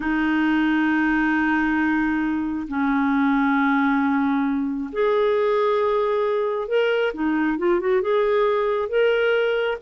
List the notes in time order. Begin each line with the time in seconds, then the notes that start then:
0.00 D#4
2.68 C#4
4.92 G#4
6.68 A#4
7.13 D#4
7.58 F4
7.80 F#4
8.01 G#4
8.88 A#4